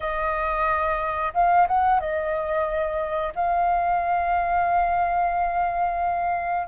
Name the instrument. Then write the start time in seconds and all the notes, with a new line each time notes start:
flute
0.00 D#5
1.33 F5
1.67 F#5
1.99 D#5
3.35 F5